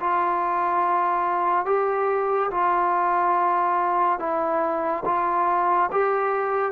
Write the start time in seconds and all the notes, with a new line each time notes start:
0.00 F4
1.66 G4
2.51 F4
4.19 E4
5.05 F4
5.92 G4